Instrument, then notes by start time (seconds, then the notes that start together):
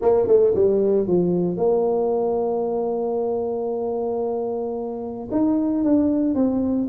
tuba
0.01 A#3
0.27 A3
0.55 G3
1.07 F3
1.57 A#3
5.31 D#4
5.84 D4
6.35 C4